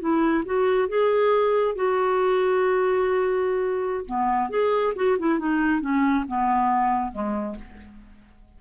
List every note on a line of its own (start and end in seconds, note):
0.00 0.44 E4
0.45 0.88 F#4
0.88 1.75 G#4
1.75 4.05 F#4
4.06 4.50 B3
4.50 4.93 G#4
4.96 5.18 F#4
5.19 5.39 E4
5.39 5.81 D#4
5.81 6.25 C#4
6.28 7.12 B3
7.12 7.56 G#3